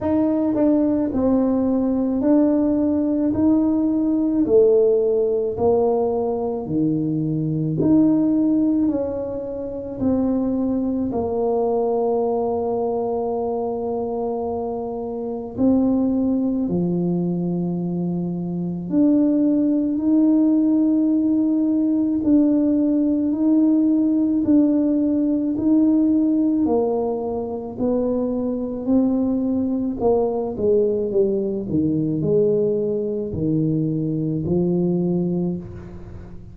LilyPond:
\new Staff \with { instrumentName = "tuba" } { \time 4/4 \tempo 4 = 54 dis'8 d'8 c'4 d'4 dis'4 | a4 ais4 dis4 dis'4 | cis'4 c'4 ais2~ | ais2 c'4 f4~ |
f4 d'4 dis'2 | d'4 dis'4 d'4 dis'4 | ais4 b4 c'4 ais8 gis8 | g8 dis8 gis4 dis4 f4 | }